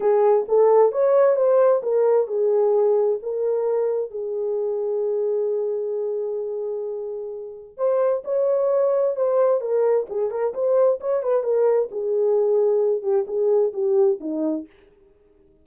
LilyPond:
\new Staff \with { instrumentName = "horn" } { \time 4/4 \tempo 4 = 131 gis'4 a'4 cis''4 c''4 | ais'4 gis'2 ais'4~ | ais'4 gis'2.~ | gis'1~ |
gis'4 c''4 cis''2 | c''4 ais'4 gis'8 ais'8 c''4 | cis''8 b'8 ais'4 gis'2~ | gis'8 g'8 gis'4 g'4 dis'4 | }